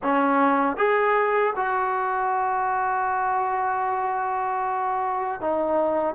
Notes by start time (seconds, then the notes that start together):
0.02 C#4
0.76 G#4
1.56 F#4
5.41 D#4